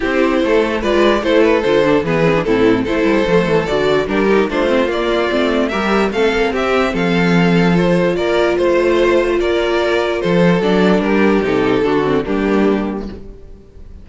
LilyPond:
<<
  \new Staff \with { instrumentName = "violin" } { \time 4/4 \tempo 4 = 147 c''2 d''4 c''8 b'8 | c''4 b'4 a'4 c''4~ | c''4 d''4 ais'4 c''4 | d''2 e''4 f''4 |
e''4 f''2 c''4 | d''4 c''2 d''4~ | d''4 c''4 d''4 ais'4 | a'2 g'2 | }
  \new Staff \with { instrumentName = "violin" } { \time 4/4 g'4 a'4 b'4 a'4~ | a'4 gis'4 e'4 a'4~ | a'2 g'4 f'4~ | f'2 ais'4 a'4 |
g'4 a'2. | ais'4 c''2 ais'4~ | ais'4 a'2 g'4~ | g'4 fis'4 d'2 | }
  \new Staff \with { instrumentName = "viola" } { \time 4/4 e'2 f'4 e'4 | f'8 d'8 b8 c'16 d'16 c'4 e'4 | a4 fis'4 d'8 dis'8 d'8 c'8 | ais4 c'4 g'4 c'4~ |
c'2. f'4~ | f'1~ | f'2 d'2 | dis'4 d'8 c'8 ais2 | }
  \new Staff \with { instrumentName = "cello" } { \time 4/4 c'4 a4 gis4 a4 | d4 e4 a,4 a8 g8 | f8 e8 d4 g4 a4 | ais4 a4 g4 a8 ais8 |
c'4 f2. | ais4 a2 ais4~ | ais4 f4 fis4 g4 | c4 d4 g2 | }
>>